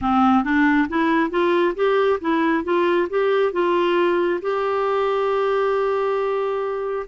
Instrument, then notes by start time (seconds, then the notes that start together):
clarinet
0.01 C4
0.44 D4
0.88 E4
1.30 F4
1.75 G4
2.21 E4
2.64 F4
3.09 G4
3.52 F4
4.41 G4